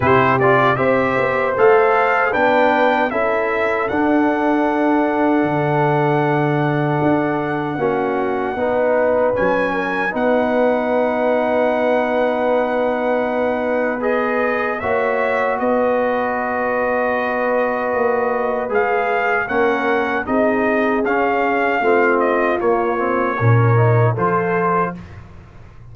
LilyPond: <<
  \new Staff \with { instrumentName = "trumpet" } { \time 4/4 \tempo 4 = 77 c''8 d''8 e''4 f''4 g''4 | e''4 fis''2.~ | fis''1 | gis''4 fis''2.~ |
fis''2 dis''4 e''4 | dis''1 | f''4 fis''4 dis''4 f''4~ | f''8 dis''8 cis''2 c''4 | }
  \new Staff \with { instrumentName = "horn" } { \time 4/4 g'4 c''2 b'4 | a'1~ | a'2 fis'4 b'4~ | b'8 ais'8 b'2.~ |
b'2. cis''4 | b'1~ | b'4 ais'4 gis'2 | f'2 ais'4 a'4 | }
  \new Staff \with { instrumentName = "trombone" } { \time 4/4 e'8 f'8 g'4 a'4 d'4 | e'4 d'2.~ | d'2 cis'4 dis'4 | cis'4 dis'2.~ |
dis'2 gis'4 fis'4~ | fis'1 | gis'4 cis'4 dis'4 cis'4 | c'4 ais8 c'8 cis'8 dis'8 f'4 | }
  \new Staff \with { instrumentName = "tuba" } { \time 4/4 c4 c'8 b8 a4 b4 | cis'4 d'2 d4~ | d4 d'4 ais4 b4 | fis4 b2.~ |
b2. ais4 | b2. ais4 | gis4 ais4 c'4 cis'4 | a4 ais4 ais,4 f4 | }
>>